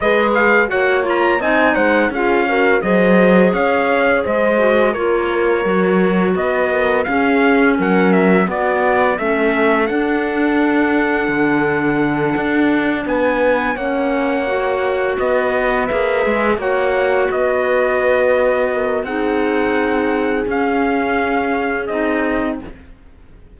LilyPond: <<
  \new Staff \with { instrumentName = "trumpet" } { \time 4/4 \tempo 4 = 85 dis''8 f''8 fis''8 ais''8 gis''8 fis''8 f''4 | dis''4 f''4 dis''4 cis''4~ | cis''4 dis''4 f''4 fis''8 e''8 | d''4 e''4 fis''2~ |
fis''2~ fis''8 gis''4 fis''8~ | fis''4. dis''4 e''4 fis''8~ | fis''8 dis''2~ dis''8 fis''4~ | fis''4 f''2 dis''4 | }
  \new Staff \with { instrumentName = "horn" } { \time 4/4 b'4 cis''4 dis''8 c''8 gis'8 ais'8 | c''4 cis''4 c''4 ais'4~ | ais'4 b'8 ais'8 gis'4 ais'4 | fis'4 a'2.~ |
a'2~ a'8 b'4 cis''8~ | cis''4. b'2 cis''8~ | cis''8 b'2 ais'8 gis'4~ | gis'1 | }
  \new Staff \with { instrumentName = "clarinet" } { \time 4/4 gis'4 fis'8 f'8 dis'4 f'8 fis'8 | gis'2~ gis'8 fis'8 f'4 | fis'2 cis'2 | b4 cis'4 d'2~ |
d'2.~ d'8 cis'8~ | cis'8 fis'2 gis'4 fis'8~ | fis'2. dis'4~ | dis'4 cis'2 dis'4 | }
  \new Staff \with { instrumentName = "cello" } { \time 4/4 gis4 ais4 c'8 gis8 cis'4 | fis4 cis'4 gis4 ais4 | fis4 b4 cis'4 fis4 | b4 a4 d'2 |
d4. d'4 b4 ais8~ | ais4. b4 ais8 gis8 ais8~ | ais8 b2~ b8 c'4~ | c'4 cis'2 c'4 | }
>>